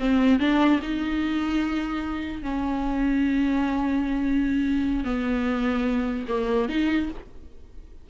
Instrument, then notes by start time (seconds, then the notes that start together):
viola
0.00 C4
0.40 D4
0.82 D#4
2.43 C#4
5.05 B3
6.29 A#3
6.69 D#4